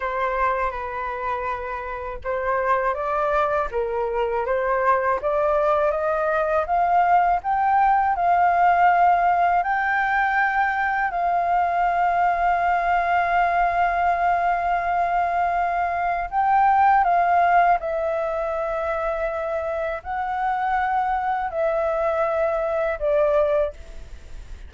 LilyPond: \new Staff \with { instrumentName = "flute" } { \time 4/4 \tempo 4 = 81 c''4 b'2 c''4 | d''4 ais'4 c''4 d''4 | dis''4 f''4 g''4 f''4~ | f''4 g''2 f''4~ |
f''1~ | f''2 g''4 f''4 | e''2. fis''4~ | fis''4 e''2 d''4 | }